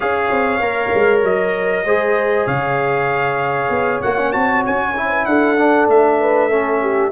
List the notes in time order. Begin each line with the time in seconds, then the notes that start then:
0.00 C#4 G#4 C#5 F5
0.31 C4
0.60 A#3 A#4
0.94 G#3
1.23 F#3 D#5
1.84 G#3 G#4 C5
2.46 C#3 C#5 F5
3.69 B3
4.01 A#3 F#4 F#5
4.18 C#4
4.32 C4 F#4 A5
4.65 C#4 G#5
4.96 E4
5.10 B4
5.25 D4 A4 F#5
5.57 D4
5.87 A3 E5
6.20 B4
6.49 C#4 A4
6.81 G4